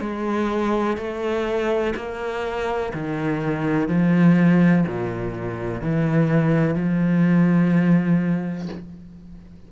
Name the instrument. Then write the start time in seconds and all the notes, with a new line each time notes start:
cello
0.00 G#3
0.97 A3
1.96 A#3
2.93 D#3
3.88 F3
4.87 A#2
5.81 E3
6.75 F3